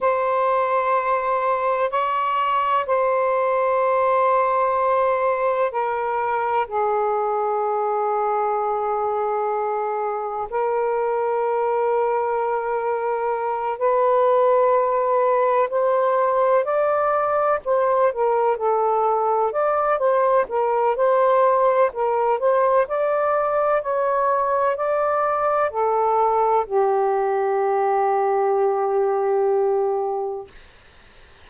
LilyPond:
\new Staff \with { instrumentName = "saxophone" } { \time 4/4 \tempo 4 = 63 c''2 cis''4 c''4~ | c''2 ais'4 gis'4~ | gis'2. ais'4~ | ais'2~ ais'8 b'4.~ |
b'8 c''4 d''4 c''8 ais'8 a'8~ | a'8 d''8 c''8 ais'8 c''4 ais'8 c''8 | d''4 cis''4 d''4 a'4 | g'1 | }